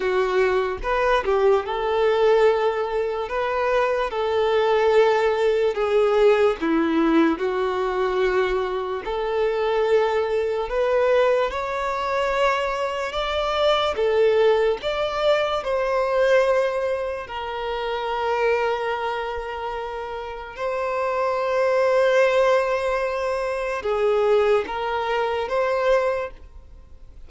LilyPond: \new Staff \with { instrumentName = "violin" } { \time 4/4 \tempo 4 = 73 fis'4 b'8 g'8 a'2 | b'4 a'2 gis'4 | e'4 fis'2 a'4~ | a'4 b'4 cis''2 |
d''4 a'4 d''4 c''4~ | c''4 ais'2.~ | ais'4 c''2.~ | c''4 gis'4 ais'4 c''4 | }